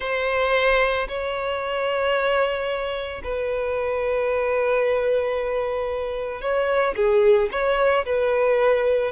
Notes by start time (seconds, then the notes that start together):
0.00 C5
1.07 C#5
3.23 B4
6.41 C#5
6.96 G#4
7.51 C#5
8.05 B4